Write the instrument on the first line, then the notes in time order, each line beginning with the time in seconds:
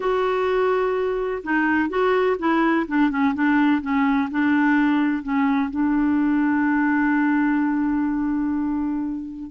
clarinet
0.00 F#4
1.43 D#4
1.89 F#4
2.38 E4
2.87 D4
3.10 C#4
3.34 D4
3.81 C#4
4.30 D4
5.23 C#4
5.70 D4